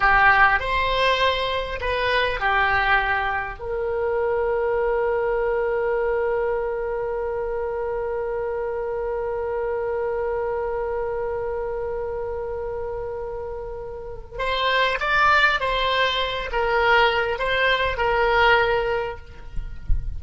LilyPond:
\new Staff \with { instrumentName = "oboe" } { \time 4/4 \tempo 4 = 100 g'4 c''2 b'4 | g'2 ais'2~ | ais'1~ | ais'1~ |
ais'1~ | ais'1 | c''4 d''4 c''4. ais'8~ | ais'4 c''4 ais'2 | }